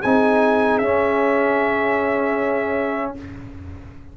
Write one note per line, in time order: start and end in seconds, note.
0.00 0.81 C4
0.00 0.83 D#4
0.00 3.12 G#4
0.00 0.78 G#5
0.78 3.15 C#4
0.78 3.17 C#4
0.78 3.12 E5